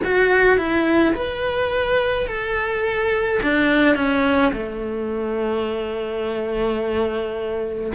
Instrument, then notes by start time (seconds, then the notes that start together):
cello
0.04 F#4
0.57 E4
1.14 B4
2.26 A4
3.42 D4
3.95 C#4
4.53 A3